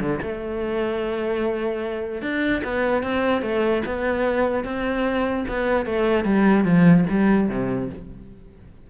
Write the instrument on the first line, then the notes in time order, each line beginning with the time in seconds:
cello
0.00 D3
0.22 A3
2.21 D4
2.64 B3
3.03 C4
3.42 A3
3.86 B3
4.64 C4
5.48 B3
5.85 A3
6.24 G3
6.64 F3
7.09 G3
7.49 C3